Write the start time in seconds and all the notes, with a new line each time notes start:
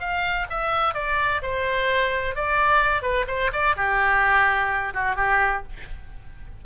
0.00 F5
0.50 E5
0.95 D5
1.43 C5
2.36 D5
3.02 B4
3.28 C5
3.53 D5
3.76 G4
4.94 F#4
5.16 G4